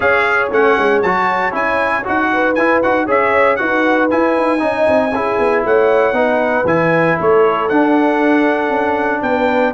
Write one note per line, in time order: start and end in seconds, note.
0.00 0.50 C#4
0.00 0.51 G#4
0.00 2.29 C#5
0.00 0.49 F5
0.50 0.76 A3
0.50 1.03 C#4
0.50 1.02 F#5
0.78 1.03 G#3
1.02 1.52 F#3
1.02 1.51 F#4
1.02 1.53 A5
1.51 2.03 C#4
1.51 2.03 E4
1.51 2.06 G#5
2.03 2.57 D#4
2.03 2.55 F#4
2.03 2.55 F#5
2.32 3.06 B4
2.55 2.82 E4
2.55 2.83 E4
2.55 2.80 G#5
2.82 3.08 D#4
2.82 3.07 F#4
2.82 3.08 F#5
3.06 3.59 C#4
3.06 3.58 G#4
3.06 3.57 C#5
3.06 3.56 E5
3.56 4.11 D#4
3.56 4.09 F#4
3.56 4.62 B4
3.56 4.07 F#5
4.10 4.59 E4
4.10 4.37 E4
4.10 5.64 G#5
4.37 4.61 D#4
4.59 4.87 C#4
4.59 5.10 D#4
4.59 5.14 D#5
4.87 5.12 C4
5.12 5.38 C#4
5.12 6.13 E4
5.12 5.65 G#4
5.38 5.64 B3
5.65 6.12 A3
5.65 6.16 C#5
5.65 6.66 F#5
6.12 6.63 B3
6.12 6.64 D#4
6.12 7.16 B4
6.64 7.16 E3
6.64 7.69 E4
6.64 7.18 G#5
7.16 7.70 A3
7.16 9.21 A4
7.16 7.68 C#5
7.68 9.74 D4
7.68 8.69 D4
7.68 9.22 F#5
8.69 9.21 C#4
9.22 9.73 B3
9.22 9.74 B4
9.22 9.73 G5